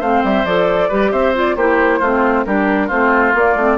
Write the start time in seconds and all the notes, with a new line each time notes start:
0.00 A3 C4 C5 F5
0.24 G3 E5
0.45 F3 A4 D5
0.89 G3 G4 B4
1.12 C4 C5 E5
1.35 F4 D5
1.56 A#3 E4 G4 C5
2.00 A3 C4 F4
2.45 G3 D4 G4 A#4
2.87 A3 C4 F4 C5
3.34 A#3 D5
3.56 A3 C4